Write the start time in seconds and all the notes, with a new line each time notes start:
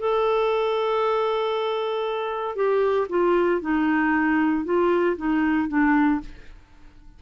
0.00 A4
2.56 G4
3.09 F4
3.61 D#4
4.65 F4
5.17 D#4
5.69 D4